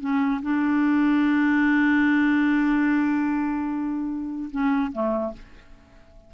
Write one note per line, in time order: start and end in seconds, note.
0.00 0.41 C#4
0.42 4.50 D4
4.50 4.91 C#4
4.92 5.33 A3